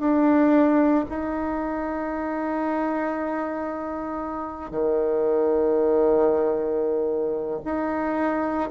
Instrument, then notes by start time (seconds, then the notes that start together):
bassoon
0.00 D4
1.10 D#4
4.71 D#3
7.65 D#4